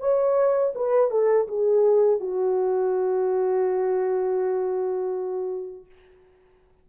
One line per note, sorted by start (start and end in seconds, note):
0.00 0.73 C#5
0.75 1.11 B4
1.11 1.47 A4
1.48 2.20 G#4
2.20 5.86 F#4